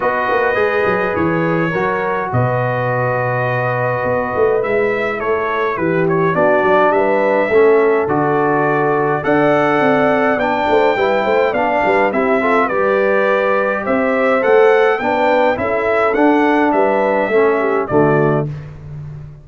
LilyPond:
<<
  \new Staff \with { instrumentName = "trumpet" } { \time 4/4 \tempo 4 = 104 dis''2 cis''2 | dis''1 | e''4 cis''4 b'8 cis''8 d''4 | e''2 d''2 |
fis''2 g''2 | f''4 e''4 d''2 | e''4 fis''4 g''4 e''4 | fis''4 e''2 d''4 | }
  \new Staff \with { instrumentName = "horn" } { \time 4/4 b'2. ais'4 | b'1~ | b'4 a'4 g'4 fis'4 | b'4 a'2. |
d''2~ d''8 c''8 b'8 c''8 | d''8 b'8 g'8 a'8 b'2 | c''2 b'4 a'4~ | a'4 b'4 a'8 g'8 fis'4 | }
  \new Staff \with { instrumentName = "trombone" } { \time 4/4 fis'4 gis'2 fis'4~ | fis'1 | e'2. d'4~ | d'4 cis'4 fis'2 |
a'2 d'4 e'4 | d'4 e'8 f'8 g'2~ | g'4 a'4 d'4 e'4 | d'2 cis'4 a4 | }
  \new Staff \with { instrumentName = "tuba" } { \time 4/4 b8 ais8 gis8 fis8 e4 fis4 | b,2. b8 a8 | gis4 a4 e4 b8 fis8 | g4 a4 d2 |
d'4 c'4 b8 a8 g8 a8 | b8 g8 c'4 g2 | c'4 a4 b4 cis'4 | d'4 g4 a4 d4 | }
>>